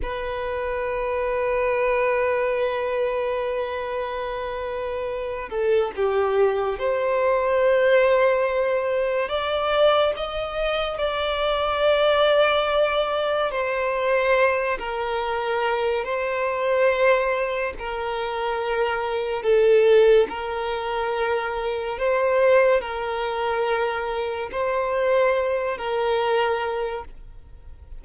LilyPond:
\new Staff \with { instrumentName = "violin" } { \time 4/4 \tempo 4 = 71 b'1~ | b'2~ b'8 a'8 g'4 | c''2. d''4 | dis''4 d''2. |
c''4. ais'4. c''4~ | c''4 ais'2 a'4 | ais'2 c''4 ais'4~ | ais'4 c''4. ais'4. | }